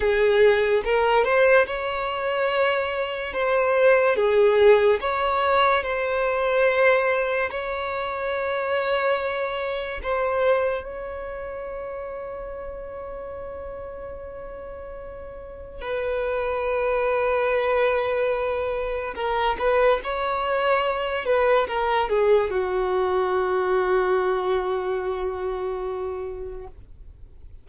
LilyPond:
\new Staff \with { instrumentName = "violin" } { \time 4/4 \tempo 4 = 72 gis'4 ais'8 c''8 cis''2 | c''4 gis'4 cis''4 c''4~ | c''4 cis''2. | c''4 cis''2.~ |
cis''2. b'4~ | b'2. ais'8 b'8 | cis''4. b'8 ais'8 gis'8 fis'4~ | fis'1 | }